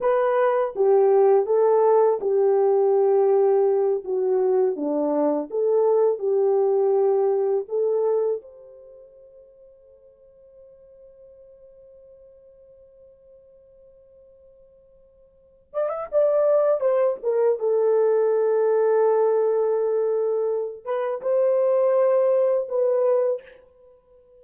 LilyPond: \new Staff \with { instrumentName = "horn" } { \time 4/4 \tempo 4 = 82 b'4 g'4 a'4 g'4~ | g'4. fis'4 d'4 a'8~ | a'8 g'2 a'4 c''8~ | c''1~ |
c''1~ | c''4. d''16 e''16 d''4 c''8 ais'8 | a'1~ | a'8 b'8 c''2 b'4 | }